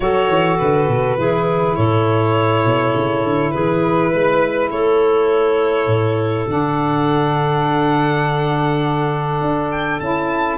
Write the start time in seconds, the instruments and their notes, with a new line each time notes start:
0.00 tuba F#3, saxophone F#4, clarinet A4, violin C#5
0.28 tuba E3
0.57 tuba D3, violin B4
0.87 tuba B2
1.17 tuba E3, saxophone E4, clarinet G#4
1.75 tuba A2, clarinet A4, violin C#5
2.64 tuba B2
2.95 tuba C#3
3.23 tuba D3
3.51 tuba E3, clarinet G#4, violin B4
4.10 tuba G#3, clarinet B4
4.70 tuba A3, clarinet A4, violin C#5
5.86 tuba A2
6.47 tuba D3, saxophone D4, violin F#5
9.41 tuba D4
9.71 violin G5
10.00 tuba C#4, saxophone E4, violin A5